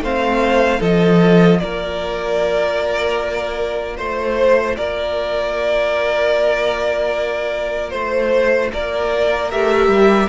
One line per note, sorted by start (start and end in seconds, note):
0.00 0.79 A3
0.00 0.79 C4
0.00 0.79 C5
0.00 0.82 F5
0.79 1.60 F3
0.79 9.47 F4
0.79 1.58 A4
0.79 1.59 D#5
1.59 3.98 A#3
1.59 3.97 A#4
1.59 3.96 D5
3.97 4.77 A3
3.97 4.75 C5
3.97 4.76 C5
4.76 7.93 A#3
4.76 7.92 A#4
4.76 7.90 D5
7.90 8.72 A3
7.90 8.69 C5
7.90 8.71 C5
8.73 9.52 A#3
8.73 10.28 A#4
8.73 9.50 D5
9.50 9.87 A3
9.50 10.28 G4
9.50 10.28 E5
9.87 10.27 G3